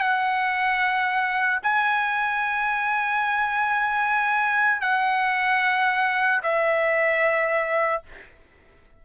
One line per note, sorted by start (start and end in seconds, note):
0.00 1.60 F#5
1.63 4.81 G#5
4.81 6.41 F#5
6.43 8.03 E5